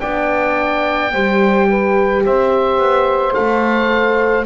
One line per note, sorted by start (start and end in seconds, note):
0.00 1.14 B3
0.00 1.12 D4
0.00 1.11 D5
0.00 2.23 G5
1.12 2.25 G3
1.12 3.34 G4
1.12 1.68 C5
1.69 2.24 B4
2.25 2.78 C4
2.25 4.46 C5
2.25 3.33 E5
2.78 3.33 B3
3.33 4.46 A3
3.33 4.45 A4
3.33 4.44 F5